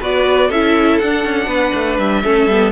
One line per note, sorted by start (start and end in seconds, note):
0.00 0.51 B3
0.00 0.51 F#4
0.00 0.48 B4
0.00 0.51 D5
0.48 1.00 C#4
0.48 1.03 E4
0.48 1.47 A4
0.48 0.99 E5
0.99 1.25 D4
0.99 2.24 D4
0.99 1.98 F#5
1.25 1.47 C#4
1.47 1.72 B3
1.47 2.22 B4
1.74 1.99 A3
1.99 2.24 G3
1.99 2.73 E5
2.24 2.47 A3
2.24 2.49 C#4
2.24 2.73 A4
2.47 2.72 G3
2.47 2.73 B3